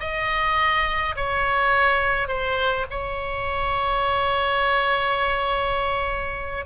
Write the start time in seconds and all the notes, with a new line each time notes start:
0.00 D#5
1.16 C#5
2.28 C5
2.90 C#5